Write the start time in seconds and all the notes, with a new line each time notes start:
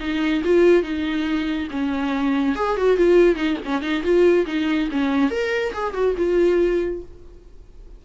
0.00 D#4
0.45 F4
0.83 D#4
1.71 C#4
2.56 G#4
2.77 F#4
2.97 F4
3.36 D#4
3.65 C#4
3.82 D#4
4.03 F4
4.47 D#4
4.91 C#4
5.30 A#4
5.73 G#4
5.94 F#4
6.17 F4